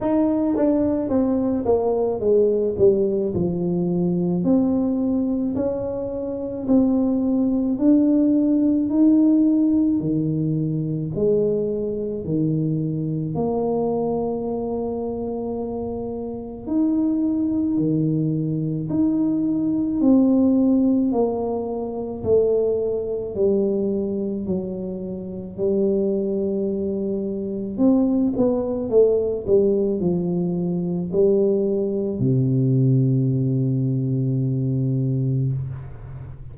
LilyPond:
\new Staff \with { instrumentName = "tuba" } { \time 4/4 \tempo 4 = 54 dis'8 d'8 c'8 ais8 gis8 g8 f4 | c'4 cis'4 c'4 d'4 | dis'4 dis4 gis4 dis4 | ais2. dis'4 |
dis4 dis'4 c'4 ais4 | a4 g4 fis4 g4~ | g4 c'8 b8 a8 g8 f4 | g4 c2. | }